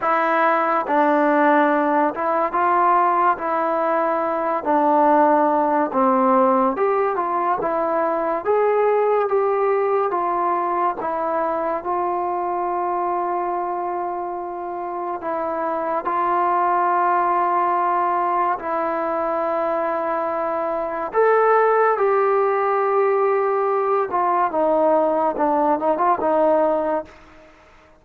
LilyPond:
\new Staff \with { instrumentName = "trombone" } { \time 4/4 \tempo 4 = 71 e'4 d'4. e'8 f'4 | e'4. d'4. c'4 | g'8 f'8 e'4 gis'4 g'4 | f'4 e'4 f'2~ |
f'2 e'4 f'4~ | f'2 e'2~ | e'4 a'4 g'2~ | g'8 f'8 dis'4 d'8 dis'16 f'16 dis'4 | }